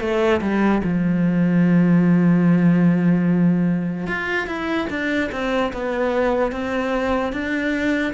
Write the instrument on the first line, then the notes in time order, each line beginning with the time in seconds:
cello
0.00 A3
0.41 G3
0.83 F3
4.07 F4
4.47 E4
4.89 D4
5.31 C4
5.73 B3
6.52 C4
7.32 D4